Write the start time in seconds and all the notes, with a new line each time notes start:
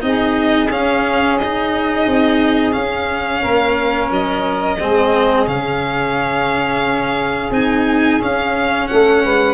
0.00 C4 D#4 G#4 D#5
0.70 C#4 F5
1.38 D#4 D#5
2.07 C4
2.72 C#4 F5
3.41 A#3 A#4
4.11 F#3 D#5
4.79 G#3 C4 G#4
5.47 C#3 C#4 F5
7.50 C4 D#4 G#5
8.20 C#4 F5
8.87 A3 A4 F#5
9.23 G#3 B4